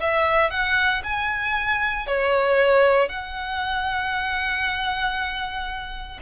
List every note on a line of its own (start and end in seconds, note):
0.00 0.50 E5
0.50 1.02 F#5
1.03 2.07 G#5
2.07 3.09 C#5
3.09 6.19 F#5